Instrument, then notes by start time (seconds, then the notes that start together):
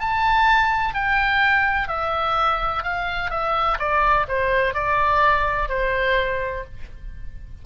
oboe
0.00 A5
0.94 G5
1.88 E5
2.83 F5
3.30 E5
3.79 D5
4.28 C5
4.74 D5
5.69 C5